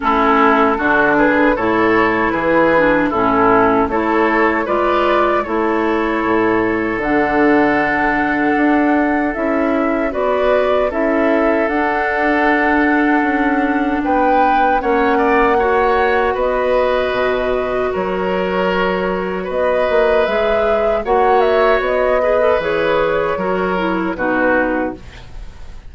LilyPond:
<<
  \new Staff \with { instrumentName = "flute" } { \time 4/4 \tempo 4 = 77 a'4. b'8 cis''4 b'4 | a'4 cis''4 d''4 cis''4~ | cis''4 fis''2. | e''4 d''4 e''4 fis''4~ |
fis''2 g''4 fis''4~ | fis''4 dis''2 cis''4~ | cis''4 dis''4 e''4 fis''8 e''8 | dis''4 cis''2 b'4 | }
  \new Staff \with { instrumentName = "oboe" } { \time 4/4 e'4 fis'8 gis'8 a'4 gis'4 | e'4 a'4 b'4 a'4~ | a'1~ | a'4 b'4 a'2~ |
a'2 b'4 cis''8 d''8 | cis''4 b'2 ais'4~ | ais'4 b'2 cis''4~ | cis''8 b'4. ais'4 fis'4 | }
  \new Staff \with { instrumentName = "clarinet" } { \time 4/4 cis'4 d'4 e'4. d'8 | cis'4 e'4 f'4 e'4~ | e'4 d'2. | e'4 fis'4 e'4 d'4~ |
d'2. cis'4 | fis'1~ | fis'2 gis'4 fis'4~ | fis'8 gis'16 a'16 gis'4 fis'8 e'8 dis'4 | }
  \new Staff \with { instrumentName = "bassoon" } { \time 4/4 a4 d4 a,4 e4 | a,4 a4 gis4 a4 | a,4 d2 d'4 | cis'4 b4 cis'4 d'4~ |
d'4 cis'4 b4 ais4~ | ais4 b4 b,4 fis4~ | fis4 b8 ais8 gis4 ais4 | b4 e4 fis4 b,4 | }
>>